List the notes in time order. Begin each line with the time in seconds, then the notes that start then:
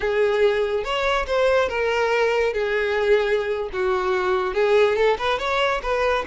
0.00 G#4
0.84 C#5
1.26 C5
1.68 A#4
2.53 G#4
3.72 F#4
4.53 G#4
4.96 A4
5.18 B4
5.39 C#5
5.82 B4